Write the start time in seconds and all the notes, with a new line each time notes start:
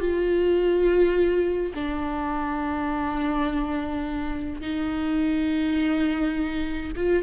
0.00 F4
1.74 D4
4.61 D#4
6.96 F4